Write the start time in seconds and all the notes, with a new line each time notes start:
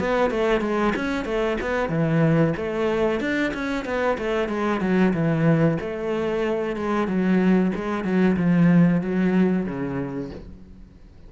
0.00 B3
0.31 A3
0.61 G#3
0.96 C#4
1.26 A3
1.61 B3
1.89 E3
2.57 A3
3.21 D4
3.54 C#4
3.85 B3
4.18 A3
4.49 G#3
4.81 F#3
5.14 E3
5.81 A3
6.77 G#3
7.08 F#3
7.76 G#3
8.04 F#3
8.37 F3
9.01 F#3
9.66 C#3